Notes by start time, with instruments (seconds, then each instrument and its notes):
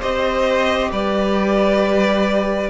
0.00 cello C4, viola G4, violin C5 D#5
0.92 cello G3, violin B4 D5